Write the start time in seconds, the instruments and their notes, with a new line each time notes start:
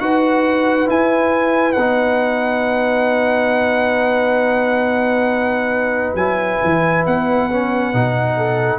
0.00 tuba D#4, trombone F#4, horn B4, trumpet F#5
0.86 trombone E4, tuba E4, trumpet G#5
1.73 tuba B3, trumpet F#5
1.80 trombone D#4
6.15 tuba F#3, trombone E4, trumpet G#5
6.63 tuba E3
7.07 tuba B3, trumpet F#5
7.51 trombone C#4
7.93 tuba B2, trombone D#4
8.37 horn A4